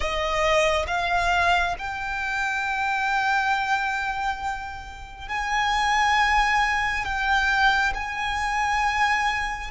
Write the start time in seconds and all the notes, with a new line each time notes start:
0.00 D#5
0.87 F5
1.78 G5
5.28 G#5
7.04 G5
7.94 G#5